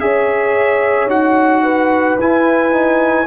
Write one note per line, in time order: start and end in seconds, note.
0.00 1.06 C#4
0.00 1.10 G#4
0.00 1.63 C#5
0.00 1.09 E5
1.06 2.15 D#4
1.06 2.19 F#4
1.06 2.19 F#5
1.63 3.27 B4
2.19 3.27 E4
2.19 2.72 E4
2.19 3.27 G#5
2.72 3.27 D#4